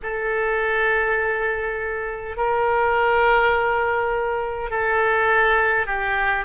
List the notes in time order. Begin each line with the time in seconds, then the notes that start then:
0.02 A4
2.36 A#4
4.70 A4
5.86 G4